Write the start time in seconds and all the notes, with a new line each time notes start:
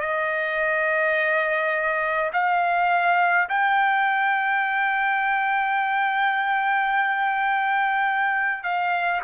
0.00 D#5
2.33 F5
3.49 G5
8.63 F5